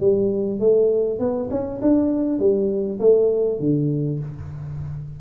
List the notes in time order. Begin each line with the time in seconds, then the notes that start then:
0.00 G3
0.59 A3
1.19 B3
1.50 C#4
1.81 D4
2.39 G3
2.99 A3
3.60 D3